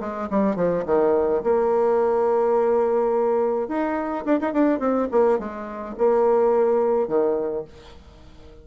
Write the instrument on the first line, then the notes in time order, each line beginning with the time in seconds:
bassoon
0.00 G#3
0.30 G3
0.55 F3
0.85 D#3
1.43 A#3
3.68 D#4
4.25 D4
4.40 D#4
4.53 D4
4.79 C4
5.11 A#3
5.39 G#3
5.97 A#3
7.07 D#3